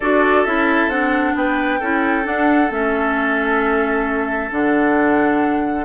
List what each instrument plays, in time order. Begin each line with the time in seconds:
0.00 bassoon D4, clarinet F#4, oboe A4, flute D5
0.44 bassoon C#4, clarinet E4, flute E5
0.88 bassoon C4, clarinet D4, flute F#5
1.35 bassoon B3, oboe B4, flute G5
1.79 bassoon C#4, clarinet E4, oboe A4
2.23 clarinet D4, bassoon D4, flute F#5
2.70 bassoon A3, clarinet C#4, flute E5
4.50 bassoon D3, clarinet D4, flute F#5